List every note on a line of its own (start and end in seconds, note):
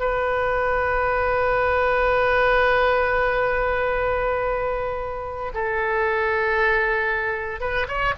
0.00 5.53 B4
5.54 7.61 A4
7.61 7.87 B4
7.88 8.14 C#5